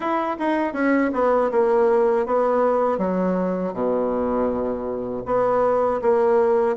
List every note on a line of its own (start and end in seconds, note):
0.00 0.36 E4
0.39 0.73 D#4
0.73 1.10 C#4
1.13 1.50 B3
1.51 2.25 A#3
2.25 2.98 B3
2.98 3.73 F#3
3.73 5.23 B2
5.25 6.00 B3
6.01 6.76 A#3